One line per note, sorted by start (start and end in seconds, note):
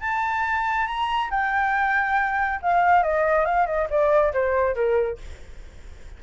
0.00 0.86 A5
0.87 1.30 A#5
1.30 2.60 G5
2.62 3.03 F5
3.03 3.45 D#5
3.45 3.66 F5
3.66 3.88 D#5
3.89 4.33 D5
4.33 4.75 C5
4.75 5.18 A#4